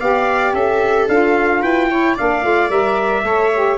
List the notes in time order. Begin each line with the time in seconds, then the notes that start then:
0.00 B3 G4 D5 F5
0.53 C#4 A4 E5
1.08 D4 F4 F5
1.62 E4 B4 G5
1.90 E4 C#5
2.15 A#3 D4 D5 F5
2.43 A3 F4
2.69 G3 A#4 E5
3.24 A3 A4 C#5
3.55 G4